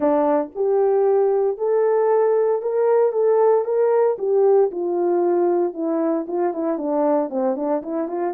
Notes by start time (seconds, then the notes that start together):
0.00 D4
0.55 G4
1.57 A4
2.62 A#4
3.12 A4
3.64 A#4
4.18 G4
4.71 F4
5.73 E4
6.27 F4
6.53 E4
6.78 D4
7.29 C4
7.56 D4
7.82 E4
8.08 F4